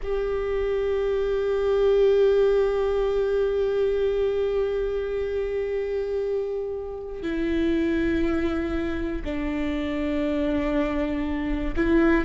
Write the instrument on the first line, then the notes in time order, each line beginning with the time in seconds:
viola
0.03 G4
7.22 E4
9.24 D4
11.75 E4